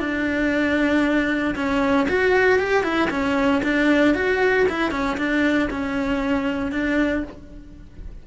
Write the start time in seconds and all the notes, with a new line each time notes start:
0.00 D4
1.56 C#4
2.09 F#4
2.60 G4
2.84 E4
3.11 C#4
3.64 D4
4.15 F#4
4.70 E4
4.92 C#4
5.18 D4
5.71 C#4
6.72 D4